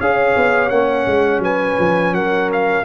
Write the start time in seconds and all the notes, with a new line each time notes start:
0.00 C#4 G#4 C#5 F5
0.37 B3
0.69 A#3 C#4 F#5
1.07 G#3
1.39 F#3 B4 G#5
1.79 F3
2.13 F#3 A#4 F#5
2.53 F5